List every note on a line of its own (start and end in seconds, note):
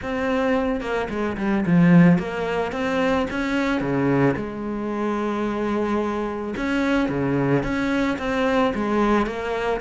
0.02 0.81 C4
0.81 1.08 A#3
1.09 1.37 G#3
1.37 1.64 G3
1.66 2.18 F3
2.18 2.72 A#3
2.72 3.26 C4
3.30 3.80 C#4
3.80 4.35 C#3
4.36 6.54 G#3
6.57 7.09 C#4
7.09 7.63 C#3
7.63 8.17 C#4
8.18 8.73 C4
8.74 9.26 G#3
9.26 9.80 A#3